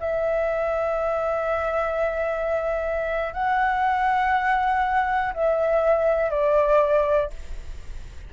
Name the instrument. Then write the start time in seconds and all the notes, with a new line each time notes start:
flute
0.00 E5
3.33 F#5
5.34 E5
6.30 D5